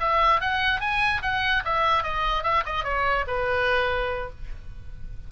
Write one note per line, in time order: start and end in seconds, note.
0.00 0.41 E5
0.41 0.81 F#5
0.81 1.22 G#5
1.22 1.63 F#5
1.65 2.03 E5
2.03 2.43 D#5
2.43 2.64 E5
2.65 2.84 D#5
2.84 3.25 C#5
3.27 4.30 B4